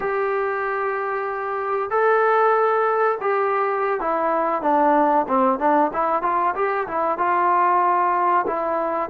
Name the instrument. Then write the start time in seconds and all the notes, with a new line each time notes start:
trombone
0.00 G4
1.90 A4
3.20 G4
4.00 E4
4.62 D4
5.27 C4
5.59 D4
5.93 E4
6.22 F4
6.55 G4
6.87 E4
7.18 F4
8.46 E4